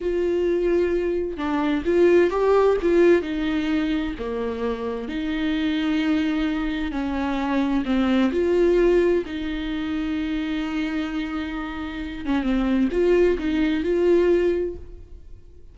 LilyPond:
\new Staff \with { instrumentName = "viola" } { \time 4/4 \tempo 4 = 130 f'2. d'4 | f'4 g'4 f'4 dis'4~ | dis'4 ais2 dis'4~ | dis'2. cis'4~ |
cis'4 c'4 f'2 | dis'1~ | dis'2~ dis'8 cis'8 c'4 | f'4 dis'4 f'2 | }